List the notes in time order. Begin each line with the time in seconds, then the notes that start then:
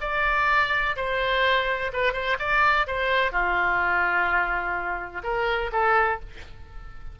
0.00 D5
0.96 C5
1.93 B4
2.13 C5
2.39 D5
2.87 C5
3.31 F4
5.23 A#4
5.72 A4